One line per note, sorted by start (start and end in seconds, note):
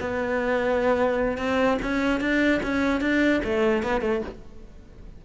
0.00 1.37 B3
1.37 1.78 C4
1.82 2.20 C#4
2.20 2.61 D4
2.63 3.01 C#4
3.01 3.41 D4
3.44 3.82 A3
3.82 4.01 B3
4.01 4.21 A3